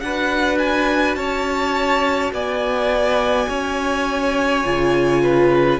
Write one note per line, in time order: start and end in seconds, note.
0.00 1.16 D4
0.00 4.63 F#4
0.00 1.18 B4
0.00 0.58 F#5
0.58 1.15 G#5
1.15 2.31 C#4
1.15 2.33 C#5
1.15 2.31 A5
2.32 3.48 B3
2.32 3.49 D5
2.32 5.80 G#5
3.49 4.64 C#4
3.49 5.22 C#5
4.64 5.80 C#3
4.64 5.79 F4
5.22 5.80 B4